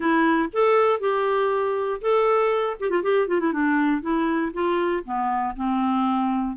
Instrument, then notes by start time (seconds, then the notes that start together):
clarinet
0.00 E4
0.52 A4
1.00 G4
2.01 A4
2.79 G4
2.89 F4
3.03 G4
3.27 F4
3.40 E4
3.52 D4
4.01 E4
4.53 F4
5.04 B3
5.56 C4